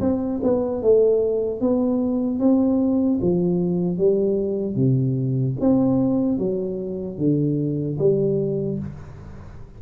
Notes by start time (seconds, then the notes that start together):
0.00 C4
0.43 B3
0.82 A3
1.61 B3
2.39 C4
3.21 F3
3.98 G3
4.75 C3
5.60 C4
6.38 F#3
7.17 D3
7.99 G3